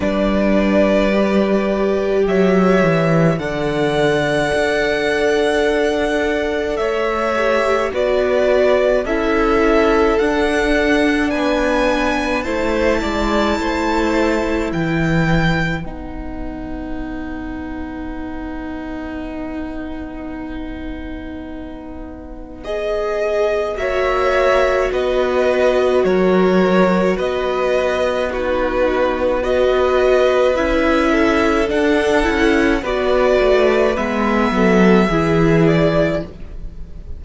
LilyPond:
<<
  \new Staff \with { instrumentName = "violin" } { \time 4/4 \tempo 4 = 53 d''2 e''4 fis''4~ | fis''2 e''4 d''4 | e''4 fis''4 gis''4 a''4~ | a''4 g''4 fis''2~ |
fis''1 | dis''4 e''4 dis''4 cis''4 | dis''4 b'4 dis''4 e''4 | fis''4 d''4 e''4. d''8 | }
  \new Staff \with { instrumentName = "violin" } { \time 4/4 b'2 cis''4 d''4~ | d''2 cis''4 b'4 | a'2 b'4 c''8 d''8 | c''4 b'2.~ |
b'1~ | b'4 cis''4 b'4 ais'4 | b'4 fis'4 b'4. a'8~ | a'4 b'4. a'8 gis'4 | }
  \new Staff \with { instrumentName = "viola" } { \time 4/4 d'4 g'2 a'4~ | a'2~ a'8 g'8 fis'4 | e'4 d'2 e'4~ | e'2 dis'2~ |
dis'1 | gis'4 fis'2.~ | fis'4 dis'4 fis'4 e'4 | d'8 e'8 fis'4 b4 e'4 | }
  \new Staff \with { instrumentName = "cello" } { \time 4/4 g2 fis8 e8 d4 | d'2 a4 b4 | cis'4 d'4 b4 a8 gis8 | a4 e4 b2~ |
b1~ | b4 ais4 b4 fis4 | b2. cis'4 | d'8 cis'8 b8 a8 gis8 fis8 e4 | }
>>